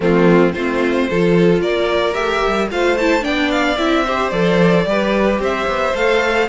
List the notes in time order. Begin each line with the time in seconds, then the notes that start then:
0.00 F3 A3 C4 F4
0.52 A3 C4 F4 C5
1.09 F3 F4 A4
1.60 A#3 A#4 D5
2.13 A3 G4 E5
2.46 G3
2.70 A3 F4 C5 F5
2.97 E4 A5
3.21 B3 D4 D5 G5
3.51 F5
3.77 C4 E4 E5
4.04 G4 C5
4.30 F3 A4 D5
4.85 G3 G4 B4
5.39 C4 C5 E5
5.66 B3
5.94 A3 A4 F5